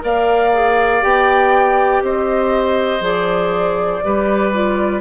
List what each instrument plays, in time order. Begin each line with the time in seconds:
0.00 bassoon A#3, clarinet A#4, oboe D5, flute F5
0.53 clarinet G#4
1.01 bassoon B3, clarinet G4, flute G5
2.01 bassoon C4, oboe C5, flute D#5
3.00 bassoon F3, clarinet G#4, flute D5
4.03 bassoon G3, clarinet G4, oboe B4
4.53 clarinet F4